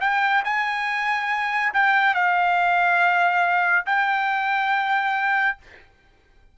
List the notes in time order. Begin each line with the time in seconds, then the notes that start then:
0.00 G5
0.44 G#5
1.74 G5
2.14 F5
3.86 G5